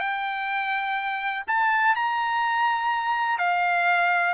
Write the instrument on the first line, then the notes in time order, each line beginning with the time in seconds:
trumpet
0.00 G5
1.48 A5
1.96 A#5
3.39 F5